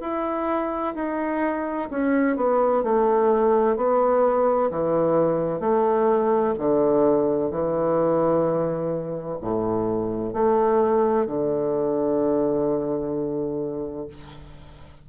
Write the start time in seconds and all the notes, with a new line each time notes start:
0.00 E4
0.95 D#4
1.90 C#4
2.36 B3
2.83 A3
3.76 B3
4.70 E3
5.60 A3
6.58 D3
7.50 E3
9.41 A2
10.33 A3
11.26 D3